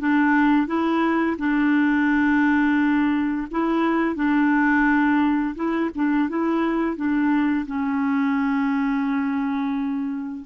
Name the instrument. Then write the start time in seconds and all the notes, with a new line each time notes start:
clarinet
0.00 D4
0.68 E4
1.39 D4
3.52 E4
4.16 D4
5.56 E4
5.96 D4
6.29 E4
6.97 D4
7.67 C#4